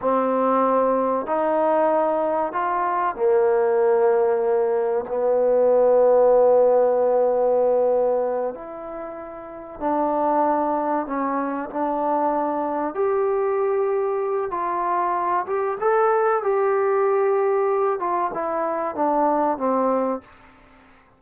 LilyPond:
\new Staff \with { instrumentName = "trombone" } { \time 4/4 \tempo 4 = 95 c'2 dis'2 | f'4 ais2. | b1~ | b4. e'2 d'8~ |
d'4. cis'4 d'4.~ | d'8 g'2~ g'8 f'4~ | f'8 g'8 a'4 g'2~ | g'8 f'8 e'4 d'4 c'4 | }